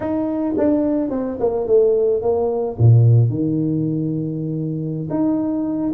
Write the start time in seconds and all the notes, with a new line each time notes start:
0.00 D#4
0.57 D4
1.10 C4
1.39 A#3
1.66 A3
2.22 A#3
2.78 A#2
3.29 D#3
5.09 D#4